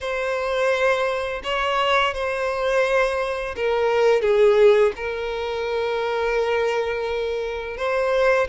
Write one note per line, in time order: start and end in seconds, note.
0.00 1.41 C5
1.43 2.14 C#5
2.14 3.55 C5
3.56 4.21 A#4
4.21 4.92 G#4
4.96 7.77 A#4
7.77 8.47 C5